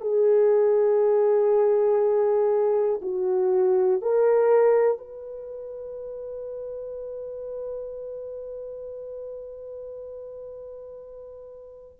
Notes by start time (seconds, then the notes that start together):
0.00 G#4
3.01 F#4
4.01 A#4
4.97 B4